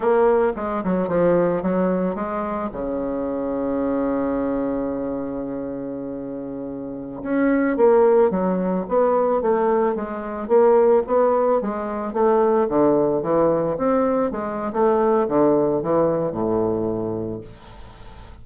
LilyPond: \new Staff \with { instrumentName = "bassoon" } { \time 4/4 \tempo 4 = 110 ais4 gis8 fis8 f4 fis4 | gis4 cis2.~ | cis1~ | cis4~ cis16 cis'4 ais4 fis8.~ |
fis16 b4 a4 gis4 ais8.~ | ais16 b4 gis4 a4 d8.~ | d16 e4 c'4 gis8. a4 | d4 e4 a,2 | }